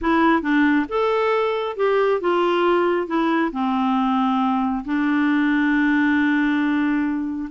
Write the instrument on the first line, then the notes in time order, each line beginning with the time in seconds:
clarinet
0.01 E4
0.42 D4
0.88 A4
1.76 G4
2.20 F4
3.07 E4
3.52 C4
4.84 D4